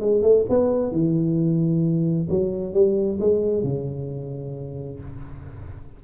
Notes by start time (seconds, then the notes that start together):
0.00 G#3
0.22 A3
0.49 B3
0.91 E3
2.29 F#3
2.73 G3
3.20 G#3
3.63 C#3